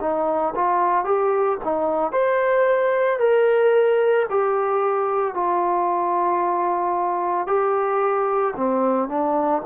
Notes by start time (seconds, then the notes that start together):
0.00 D#4
0.55 F4
1.05 G4
1.64 D#4
2.12 C5
3.19 A#4
4.30 G4
5.34 F4
7.47 G4
8.56 C4
9.08 D4